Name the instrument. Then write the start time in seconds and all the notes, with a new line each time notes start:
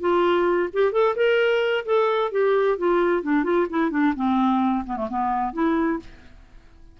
clarinet
0.00 F4
0.73 G4
0.92 A4
1.16 A#4
1.85 A4
2.31 G4
2.78 F4
3.23 D4
3.44 F4
3.70 E4
3.91 D4
4.16 C4
4.86 B3
4.97 A3
5.09 B3
5.53 E4